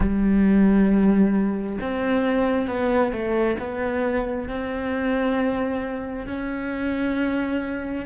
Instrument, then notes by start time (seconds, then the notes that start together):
cello
0.00 G3
1.81 C4
2.67 B3
3.12 A3
3.59 B3
4.48 C4
6.26 C#4